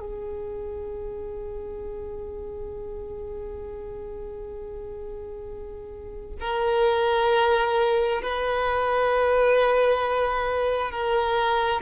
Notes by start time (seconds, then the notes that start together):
0.00 G#4
6.40 A#4
8.22 B4
10.91 A#4